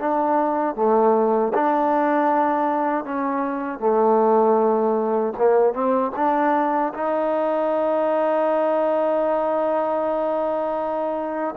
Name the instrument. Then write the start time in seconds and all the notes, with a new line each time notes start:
trombone
0.00 D4
0.76 A3
1.55 D4
3.05 C#4
3.80 A3
5.38 A#3
5.74 C4
6.16 D4
6.94 D#4